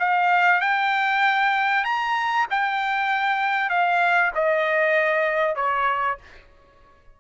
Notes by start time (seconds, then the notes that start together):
0.00 F5
0.61 G5
1.85 A#5
2.51 G5
3.70 F5
4.35 D#5
5.56 C#5